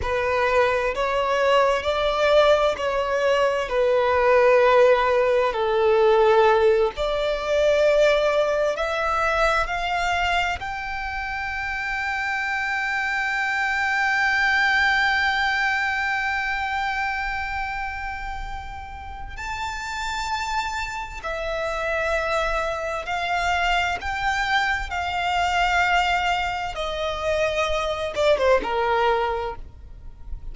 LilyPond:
\new Staff \with { instrumentName = "violin" } { \time 4/4 \tempo 4 = 65 b'4 cis''4 d''4 cis''4 | b'2 a'4. d''8~ | d''4. e''4 f''4 g''8~ | g''1~ |
g''1~ | g''4 a''2 e''4~ | e''4 f''4 g''4 f''4~ | f''4 dis''4. d''16 c''16 ais'4 | }